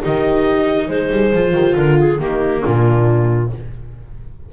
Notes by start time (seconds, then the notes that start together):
0.00 D#3 D#4 G4 D#5
0.88 G#3 G#4 C5
1.10 G3
1.32 F3 F4
1.53 D#3 G4
1.75 D3 F4 A#4
1.99 G#4
2.18 D#3 A#3 D#4 G4
2.61 A#2 D4 F4